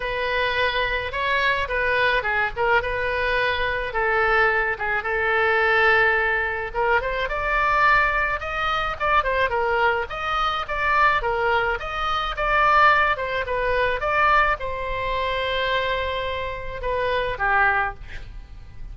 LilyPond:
\new Staff \with { instrumentName = "oboe" } { \time 4/4 \tempo 4 = 107 b'2 cis''4 b'4 | gis'8 ais'8 b'2 a'4~ | a'8 gis'8 a'2. | ais'8 c''8 d''2 dis''4 |
d''8 c''8 ais'4 dis''4 d''4 | ais'4 dis''4 d''4. c''8 | b'4 d''4 c''2~ | c''2 b'4 g'4 | }